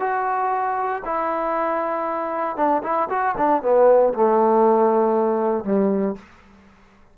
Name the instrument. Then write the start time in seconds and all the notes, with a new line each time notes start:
trombone
0.00 F#4
1.05 E4
2.57 D4
2.83 E4
3.09 F#4
3.38 D4
3.62 B3
4.14 A3
5.64 G3